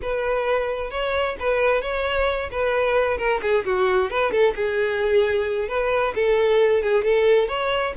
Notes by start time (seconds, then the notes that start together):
0.02 B4
0.90 C#5
1.39 B4
1.81 C#5
2.51 B4
3.17 A#4
3.42 G#4
3.65 F#4
4.10 B4
4.31 A4
4.55 G#4
5.68 B4
6.15 A4
6.82 G#4
7.04 A4
7.48 C#5